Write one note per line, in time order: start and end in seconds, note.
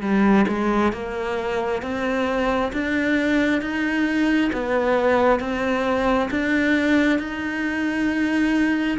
0.00 0.45 G3
0.47 0.92 G#3
0.92 1.82 A#3
1.82 2.72 C4
2.72 3.61 D4
3.61 4.51 D#4
4.53 5.40 B3
5.40 6.29 C4
6.31 7.19 D4
7.19 8.98 D#4